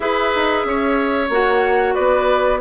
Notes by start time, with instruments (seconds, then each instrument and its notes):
0.00 bassoon E4, clarinet G#4, oboe B4, flute E5
0.35 bassoon D#4
0.64 bassoon C#4, oboe C#5
1.29 bassoon A#3, clarinet F#4, flute F#5
1.94 bassoon B3, oboe B4, flute D5